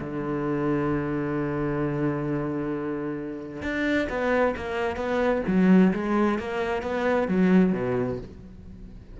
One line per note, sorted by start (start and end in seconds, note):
0.00 3.62 D3
3.62 4.08 D4
4.09 4.55 B3
4.56 4.96 A#3
4.96 5.42 B3
5.47 5.92 F#3
5.93 6.38 G#3
6.39 6.82 A#3
6.82 7.27 B3
7.27 7.73 F#3
7.73 8.18 B2